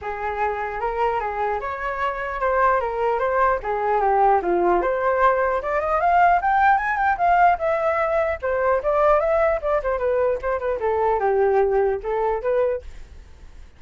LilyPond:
\new Staff \with { instrumentName = "flute" } { \time 4/4 \tempo 4 = 150 gis'2 ais'4 gis'4 | cis''2 c''4 ais'4 | c''4 gis'4 g'4 f'4 | c''2 d''8 dis''8 f''4 |
g''4 gis''8 g''8 f''4 e''4~ | e''4 c''4 d''4 e''4 | d''8 c''8 b'4 c''8 b'8 a'4 | g'2 a'4 b'4 | }